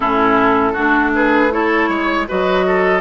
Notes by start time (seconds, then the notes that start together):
0.00 A2 C#4 E4 A4
0.72 A3 D4 F#4
1.15 G#4 B4
1.50 E4 A4 C#5
1.88 G#3 C#5
2.27 F#3 F#4 B4 D#5
2.66 A4